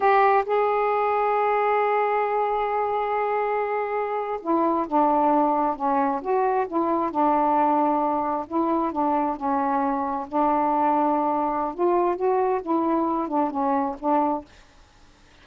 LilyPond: \new Staff \with { instrumentName = "saxophone" } { \time 4/4 \tempo 4 = 133 g'4 gis'2.~ | gis'1~ | gis'4.~ gis'16 e'4 d'4~ d'16~ | d'8. cis'4 fis'4 e'4 d'16~ |
d'2~ d'8. e'4 d'16~ | d'8. cis'2 d'4~ d'16~ | d'2 f'4 fis'4 | e'4. d'8 cis'4 d'4 | }